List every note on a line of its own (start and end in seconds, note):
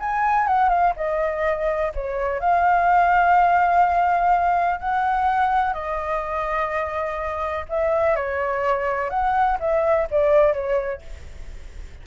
0.00 0.47 G#5
0.47 0.69 F#5
0.69 0.93 F5
0.96 1.92 D#5
1.95 2.40 C#5
2.40 4.80 F5
4.80 5.73 F#5
5.73 7.65 D#5
7.69 8.16 E5
8.16 9.10 C#5
9.10 9.58 F#5
9.60 10.08 E5
10.11 10.54 D5
10.54 11.02 C#5